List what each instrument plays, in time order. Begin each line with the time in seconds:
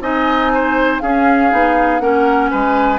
0.00 bassoon C4, clarinet D#4, oboe D#5, flute G#5
0.54 oboe C5
1.00 clarinet C#4, bassoon C#4, oboe G#4, flute F5
1.50 bassoon B3, clarinet D#4
1.99 bassoon A#3, clarinet C#4, oboe A#4, flute F#5
2.50 bassoon G#3, oboe B4, flute G#5